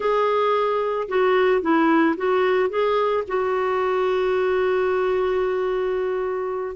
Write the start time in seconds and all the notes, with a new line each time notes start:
0.00 G#4
1.08 F#4
1.61 E4
2.16 F#4
2.69 G#4
3.27 F#4